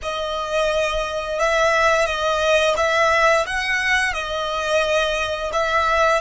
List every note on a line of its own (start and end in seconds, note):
0.02 1.39 D#5
1.39 2.06 E5
2.06 2.75 D#5
2.76 3.45 E5
3.46 4.13 F#5
4.13 5.51 D#5
5.52 6.20 E5